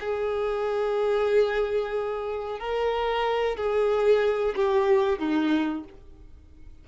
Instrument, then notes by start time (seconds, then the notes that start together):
violin
0.00 G#4
2.60 A#4
3.57 G#4
4.56 G4
5.19 D#4